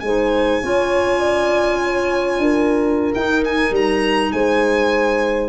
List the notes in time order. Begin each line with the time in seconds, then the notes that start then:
0.00 G#3 D#4 C5 G#5
0.62 C#4 F4 C#5
1.19 D5
1.84 C#5
2.38 D4 A#4
3.14 D#4 G5
3.44 G#5
3.70 G3 A#5
4.32 G#3 C5 G#5